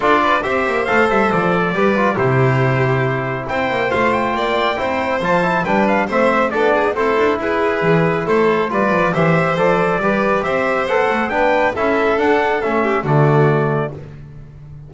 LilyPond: <<
  \new Staff \with { instrumentName = "trumpet" } { \time 4/4 \tempo 4 = 138 d''4 e''4 f''8 e''8 d''4~ | d''4 c''2. | g''4 f''8 g''2~ g''8 | a''4 g''8 f''8 e''4 d''4 |
c''4 b'2 c''4 | d''4 e''4 d''2 | e''4 fis''4 g''4 e''4 | fis''4 e''4 d''2 | }
  \new Staff \with { instrumentName = "violin" } { \time 4/4 a'8 b'8 c''2. | b'4 g'2. | c''2 d''4 c''4~ | c''4 b'4 c''4 a'8 gis'8 |
a'4 gis'2 a'4 | b'4 c''2 b'4 | c''2 b'4 a'4~ | a'4. g'8 fis'2 | }
  \new Staff \with { instrumentName = "trombone" } { \time 4/4 f'4 g'4 a'2 | g'8 f'8 e'2.~ | e'4 f'2 e'4 | f'8 e'8 d'4 c'4 d'4 |
e'1 | f'4 g'4 a'4 g'4~ | g'4 a'4 d'4 e'4 | d'4 cis'4 a2 | }
  \new Staff \with { instrumentName = "double bass" } { \time 4/4 d'4 c'8 ais8 a8 g8 f4 | g4 c2. | c'8 ais8 a4 ais4 c'4 | f4 g4 a4 b4 |
c'8 d'8 e'4 e4 a4 | g8 f8 e4 f4 g4 | c'4 b8 a8 b4 cis'4 | d'4 a4 d2 | }
>>